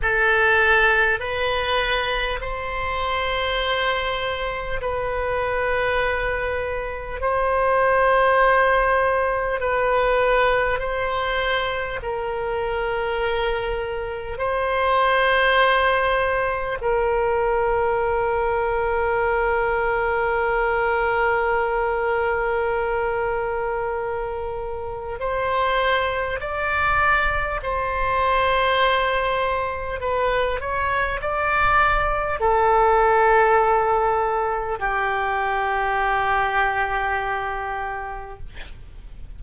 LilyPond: \new Staff \with { instrumentName = "oboe" } { \time 4/4 \tempo 4 = 50 a'4 b'4 c''2 | b'2 c''2 | b'4 c''4 ais'2 | c''2 ais'2~ |
ais'1~ | ais'4 c''4 d''4 c''4~ | c''4 b'8 cis''8 d''4 a'4~ | a'4 g'2. | }